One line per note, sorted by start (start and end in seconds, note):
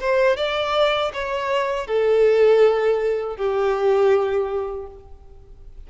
0.00 0.36 C5
0.36 1.11 D5
1.13 1.87 C#5
1.87 3.36 A4
3.36 4.86 G4